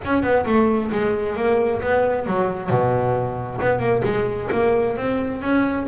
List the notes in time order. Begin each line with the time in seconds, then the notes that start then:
0.04 C#4
0.22 B3
0.45 A3
0.91 G#3
1.36 A#3
1.81 B3
2.26 F#3
2.69 B2
3.61 B3
3.79 A#3
4.04 G#3
4.51 A#3
4.96 C4
5.41 C#4